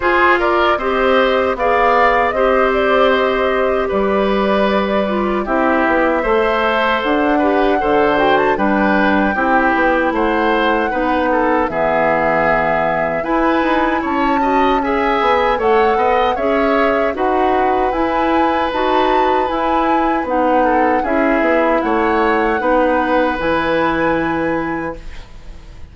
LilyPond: <<
  \new Staff \with { instrumentName = "flute" } { \time 4/4 \tempo 4 = 77 c''8 d''8 dis''4 f''4 dis''8 d''8 | dis''4 d''2 e''4~ | e''4 fis''4. g''16 a''16 g''4~ | g''4 fis''2 e''4~ |
e''4 gis''4 a''4 gis''4 | fis''4 e''4 fis''4 gis''4 | a''4 gis''4 fis''4 e''4 | fis''2 gis''2 | }
  \new Staff \with { instrumentName = "oboe" } { \time 4/4 gis'8 ais'8 c''4 d''4 c''4~ | c''4 b'2 g'4 | c''4. b'8 c''4 b'4 | g'4 c''4 b'8 a'8 gis'4~ |
gis'4 b'4 cis''8 dis''8 e''4 | cis''8 dis''8 cis''4 b'2~ | b'2~ b'8 a'8 gis'4 | cis''4 b'2. | }
  \new Staff \with { instrumentName = "clarinet" } { \time 4/4 f'4 g'4 gis'4 g'4~ | g'2~ g'8 f'8 e'4 | a'4. g'8 a'8 fis'8 d'4 | e'2 dis'4 b4~ |
b4 e'4. fis'8 gis'4 | a'4 gis'4 fis'4 e'4 | fis'4 e'4 dis'4 e'4~ | e'4 dis'4 e'2 | }
  \new Staff \with { instrumentName = "bassoon" } { \time 4/4 f'4 c'4 b4 c'4~ | c'4 g2 c'8 b8 | a4 d'4 d4 g4 | c'8 b8 a4 b4 e4~ |
e4 e'8 dis'8 cis'4. b8 | a8 b8 cis'4 dis'4 e'4 | dis'4 e'4 b4 cis'8 b8 | a4 b4 e2 | }
>>